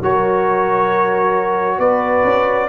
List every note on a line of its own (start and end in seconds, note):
0.00 1.78 F#3
0.00 2.69 F#4
0.00 1.78 A#4
0.00 1.79 C#5
1.78 2.23 B3
1.78 2.68 B4
1.78 2.69 D5
2.24 2.68 C#4